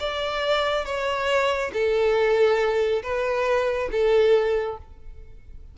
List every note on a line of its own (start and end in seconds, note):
0.00 0.86 D5
0.86 1.72 C#5
1.74 3.03 A4
3.03 3.90 B4
3.92 4.78 A4